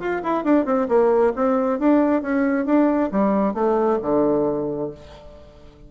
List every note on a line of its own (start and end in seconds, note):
0.00 0.22 F4
0.24 0.44 E4
0.44 0.66 D4
0.66 0.88 C4
0.89 1.33 A#3
1.36 1.80 C4
1.80 2.22 D4
2.22 2.66 C#4
2.66 3.10 D4
3.12 3.55 G3
3.55 3.99 A3
4.02 4.91 D3